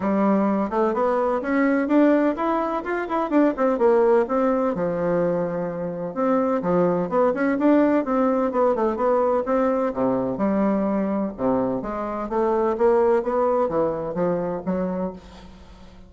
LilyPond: \new Staff \with { instrumentName = "bassoon" } { \time 4/4 \tempo 4 = 127 g4. a8 b4 cis'4 | d'4 e'4 f'8 e'8 d'8 c'8 | ais4 c'4 f2~ | f4 c'4 f4 b8 cis'8 |
d'4 c'4 b8 a8 b4 | c'4 c4 g2 | c4 gis4 a4 ais4 | b4 e4 f4 fis4 | }